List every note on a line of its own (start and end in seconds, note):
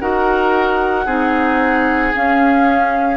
0.00 1.06 D#4
0.00 1.06 F#4
0.00 1.06 A#4
0.00 2.14 F#5
1.06 2.13 C4
1.06 2.14 D#4
1.06 3.17 G#4
2.14 3.17 C#4
2.14 3.17 F5